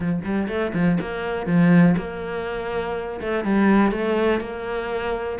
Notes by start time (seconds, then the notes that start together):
0.00 F3
0.24 G3
0.47 A3
0.73 F3
1.00 A#3
1.46 F3
1.97 A#3
3.20 A3
3.44 G3
3.91 A3
4.40 A#3